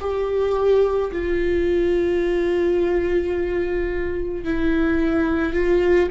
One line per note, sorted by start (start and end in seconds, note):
0.00 1.11 G4
1.12 4.44 F4
4.44 5.53 E4
5.53 6.09 F4